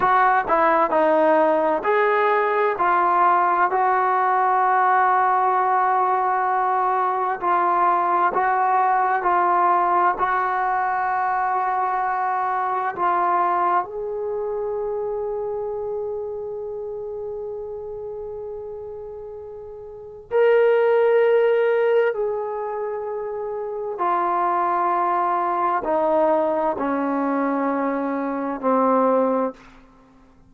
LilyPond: \new Staff \with { instrumentName = "trombone" } { \time 4/4 \tempo 4 = 65 fis'8 e'8 dis'4 gis'4 f'4 | fis'1 | f'4 fis'4 f'4 fis'4~ | fis'2 f'4 gis'4~ |
gis'1~ | gis'2 ais'2 | gis'2 f'2 | dis'4 cis'2 c'4 | }